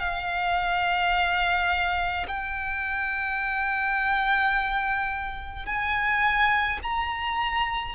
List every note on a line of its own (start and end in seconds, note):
0.00 2.26 F5
2.28 5.67 G5
5.67 6.80 G#5
6.83 7.96 A#5